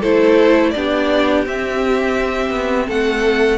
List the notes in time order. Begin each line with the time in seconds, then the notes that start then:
0.00 A3 E4 A4 C5
0.70 B3 D4 G4 D5
1.45 C4 E5
2.50 B3
2.87 A3 A4 F#5